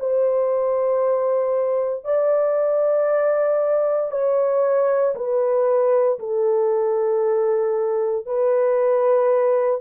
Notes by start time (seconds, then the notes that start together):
0.00 C5
2.05 D5
4.11 C#5
5.15 B4
6.20 A4
8.26 B4